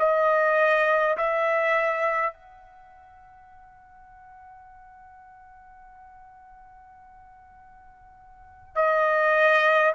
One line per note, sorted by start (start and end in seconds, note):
0.00 1.18 D#5
1.18 2.34 E5
2.34 8.76 F#5
8.76 9.94 D#5